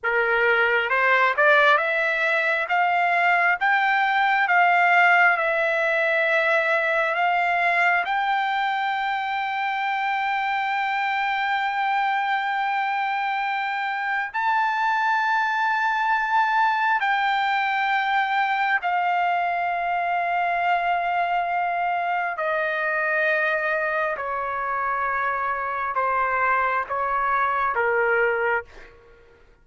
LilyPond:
\new Staff \with { instrumentName = "trumpet" } { \time 4/4 \tempo 4 = 67 ais'4 c''8 d''8 e''4 f''4 | g''4 f''4 e''2 | f''4 g''2.~ | g''1 |
a''2. g''4~ | g''4 f''2.~ | f''4 dis''2 cis''4~ | cis''4 c''4 cis''4 ais'4 | }